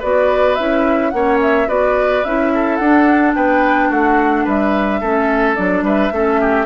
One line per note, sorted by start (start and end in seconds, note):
0.00 0.60 B3
0.00 0.59 F#4
0.00 1.11 B4
0.00 0.55 D5
0.55 1.14 C#4
0.55 1.13 E4
0.55 1.11 E5
1.11 1.69 A#3
1.11 1.68 C#4
1.11 1.69 C#5
1.11 1.38 F#5
1.42 1.69 E5
1.68 2.24 B3
1.68 2.23 F#4
1.68 2.52 B4
1.68 2.25 D5
2.25 2.80 C#4
2.25 2.83 E4
2.25 2.77 E5
2.55 3.36 A4
2.77 3.35 D4
2.77 5.04 D4
2.77 3.32 F#5
3.35 3.91 B3
3.35 3.89 B4
3.35 3.91 G5
3.89 4.46 A3
3.89 4.45 F#4
3.89 4.46 F#5
4.45 5.02 G3
4.45 5.00 B4
4.45 5.56 E5
5.01 5.58 A3
5.01 5.56 C#4
5.01 5.84 A4
5.56 5.83 F#3
5.56 6.12 D4
5.56 5.84 D5
5.83 6.10 G3
5.83 6.13 B4
5.83 6.67 E5
6.12 6.67 A3
6.12 6.67 C#4
6.12 6.41 A4
6.41 6.67 G4